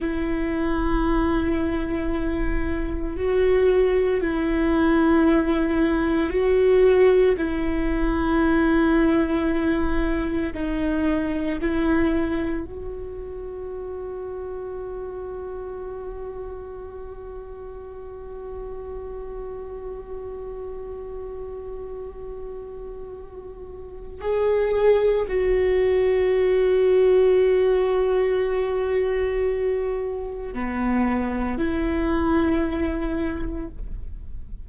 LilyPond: \new Staff \with { instrumentName = "viola" } { \time 4/4 \tempo 4 = 57 e'2. fis'4 | e'2 fis'4 e'4~ | e'2 dis'4 e'4 | fis'1~ |
fis'1~ | fis'2. gis'4 | fis'1~ | fis'4 b4 e'2 | }